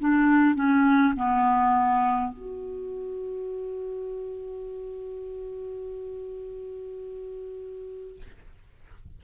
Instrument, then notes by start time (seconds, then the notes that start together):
clarinet
0.00 D4
0.55 C#4
1.17 B3
2.33 F#4